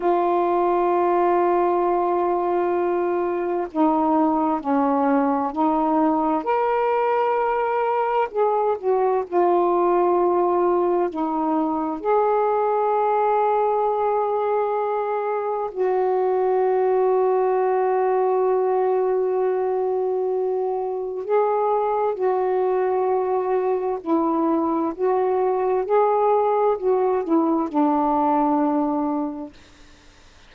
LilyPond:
\new Staff \with { instrumentName = "saxophone" } { \time 4/4 \tempo 4 = 65 f'1 | dis'4 cis'4 dis'4 ais'4~ | ais'4 gis'8 fis'8 f'2 | dis'4 gis'2.~ |
gis'4 fis'2.~ | fis'2. gis'4 | fis'2 e'4 fis'4 | gis'4 fis'8 e'8 d'2 | }